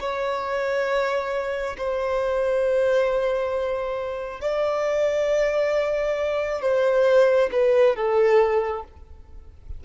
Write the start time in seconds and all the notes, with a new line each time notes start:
0.00 C#5
1.78 C5
4.41 D5
6.61 C5
7.52 B4
7.96 A4